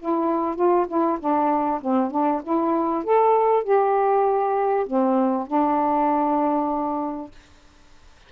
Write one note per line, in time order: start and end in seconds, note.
0.00 0.56 E4
0.56 0.87 F4
0.88 1.19 E4
1.20 1.81 D4
1.81 2.11 C4
2.11 2.42 D4
2.44 3.04 E4
3.04 3.64 A4
3.64 4.86 G4
4.87 5.48 C4
5.48 7.31 D4